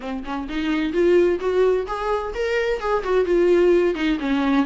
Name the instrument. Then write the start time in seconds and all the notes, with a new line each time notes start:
viola
0.00 C4
0.24 C#4
0.49 D#4
0.92 F4
1.40 F#4
1.86 G#4
2.34 A#4
2.79 G#4
3.03 F#4
3.25 F4
3.94 D#4
4.19 C#4